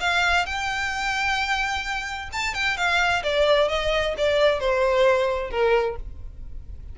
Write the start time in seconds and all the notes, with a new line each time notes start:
0.00 F5
0.46 G5
2.33 A5
2.54 G5
2.77 F5
3.23 D5
3.69 D#5
4.17 D5
4.60 C5
5.50 A#4